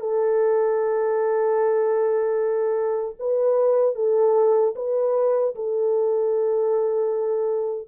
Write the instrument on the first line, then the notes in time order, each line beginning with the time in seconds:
horn
0.00 A4
3.19 B4
3.95 A4
4.75 B4
5.55 A4